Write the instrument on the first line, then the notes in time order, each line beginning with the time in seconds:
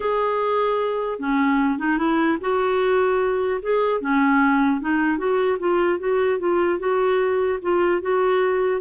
clarinet
0.00 G#4
1.19 C#4
1.78 D#4
1.97 E4
2.40 F#4
3.61 G#4
4.00 C#4
4.80 D#4
5.17 F#4
5.59 F4
5.99 F#4
6.39 F4
6.79 F#4
7.61 F4
8.01 F#4